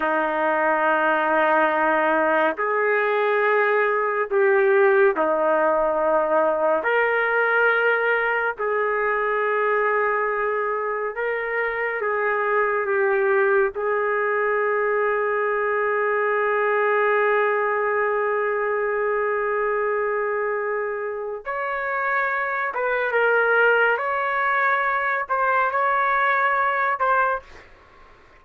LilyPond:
\new Staff \with { instrumentName = "trumpet" } { \time 4/4 \tempo 4 = 70 dis'2. gis'4~ | gis'4 g'4 dis'2 | ais'2 gis'2~ | gis'4 ais'4 gis'4 g'4 |
gis'1~ | gis'1~ | gis'4 cis''4. b'8 ais'4 | cis''4. c''8 cis''4. c''8 | }